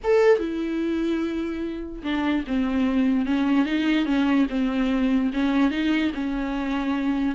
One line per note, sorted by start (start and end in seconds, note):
0.03 0.39 A4
0.39 2.02 E4
2.03 2.44 D4
2.47 3.25 C4
3.25 3.65 C#4
3.65 4.05 D#4
4.05 4.46 C#4
4.49 5.31 C4
5.33 5.71 C#4
5.71 6.11 D#4
6.14 7.35 C#4